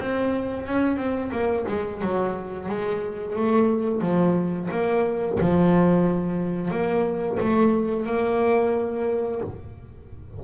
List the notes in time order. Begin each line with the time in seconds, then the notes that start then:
0.00 C4
0.67 C#4
0.97 C4
1.31 A#3
1.68 G#3
2.02 F#3
2.69 G#3
3.36 A3
4.01 F3
4.71 A#3
5.41 F3
6.71 A#3
7.39 A3
8.06 A#3